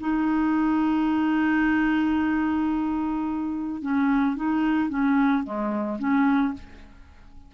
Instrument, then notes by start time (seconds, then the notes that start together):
clarinet
0.00 D#4
3.81 C#4
4.36 D#4
4.89 C#4
5.43 G#3
5.99 C#4